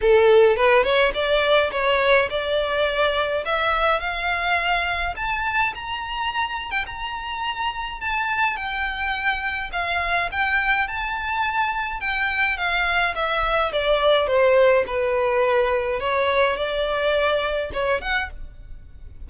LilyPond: \new Staff \with { instrumentName = "violin" } { \time 4/4 \tempo 4 = 105 a'4 b'8 cis''8 d''4 cis''4 | d''2 e''4 f''4~ | f''4 a''4 ais''4.~ ais''16 g''16 | ais''2 a''4 g''4~ |
g''4 f''4 g''4 a''4~ | a''4 g''4 f''4 e''4 | d''4 c''4 b'2 | cis''4 d''2 cis''8 fis''8 | }